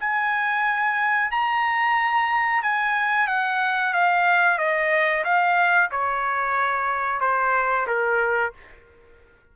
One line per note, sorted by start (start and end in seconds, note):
0.00 1.31 G#5
1.31 2.63 A#5
2.63 3.28 G#5
3.28 3.94 F#5
3.94 4.58 F5
4.58 5.24 D#5
5.24 5.90 F5
5.91 7.21 C#5
7.21 7.87 C5
7.87 8.53 A#4